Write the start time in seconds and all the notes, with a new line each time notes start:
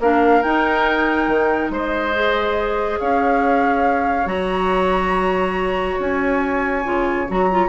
0.00 A#3 D4 A#4 F5
0.43 D#4 G5
1.28 D#3
1.70 G#3 C5 D#5
2.14 G#4
2.99 C#4 C#5 F5
4.26 F#3 F#4 A#5
5.99 C#4 G#5
6.84 C#3 F4
7.28 F#3 F#4 A#5
7.51 F4